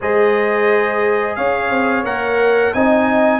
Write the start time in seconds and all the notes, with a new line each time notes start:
0.01 G#3 G#4 C5 D#5
1.35 C#4 C#5 F5
1.70 C4
2.04 A#3 A#4 F#5
2.73 C4 D#4 D#5 G#5